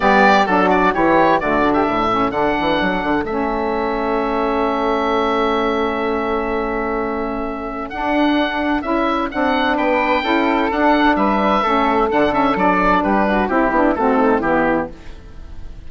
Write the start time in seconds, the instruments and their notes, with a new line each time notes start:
0.00 bassoon G3, saxophone B3, flute G4, oboe D5
0.46 bassoon F#3, saxophone D4, flute F#4, oboe A4
0.70 oboe D5
0.93 bassoon E3, saxophone E4, flute G4, oboe C#5
1.40 bassoon D3, saxophone A3, flute F#4, oboe D5
1.62 saxophone D4
1.72 flute G4, oboe E5
1.86 bassoon A2, flute A4
2.10 saxophone C#4
2.30 bassoon D3, saxophone D4, oboe F#5
2.59 bassoon E3
2.81 bassoon F#3
3.03 bassoon D3
3.24 bassoon A3, saxophone C#4, oboe E5
7.89 saxophone D4, bassoon D4, oboe F#5
8.82 bassoon C#4, saxophone E4, oboe E5
9.31 bassoon C4, saxophone D4, oboe F#5
9.76 bassoon B3, flute B4, oboe G5
10.23 bassoon C#4, saxophone E4, flute A4
10.70 saxophone D4, bassoon D4, oboe F#5
11.15 bassoon G3, flute B4, oboe E5
11.62 bassoon A3, saxophone C#4, flute A4
12.09 bassoon D3, saxophone D4, oboe F#5
12.32 saxophone C#4, oboe E5
12.55 bassoon F#3, saxophone D4, oboe D5
13.02 bassoon G3, flute G4, oboe B4
13.27 flute F#4
13.48 bassoon C4, saxophone E4, flute E4, oboe G4
13.70 bassoon B3, saxophone D4
13.95 bassoon A3, saxophone C4, flute F#4, oboe A4
14.17 flute D#4
14.40 bassoon E3, saxophone B3, flute E4, oboe G4